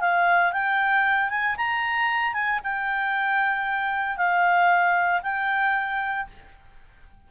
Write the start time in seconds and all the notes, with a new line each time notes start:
0.00 F5
0.52 G5
1.29 G#5
1.57 A#5
2.33 G#5
2.63 G5
4.16 F5
5.22 G5